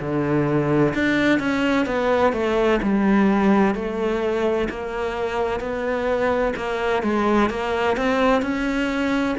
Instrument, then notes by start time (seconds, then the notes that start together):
cello
0.00 D3
0.95 D4
1.39 C#4
1.87 B3
2.33 A3
2.83 G3
3.75 A3
4.70 A#3
5.60 B3
6.57 A#3
7.03 G#3
7.50 A#3
7.97 C4
8.42 C#4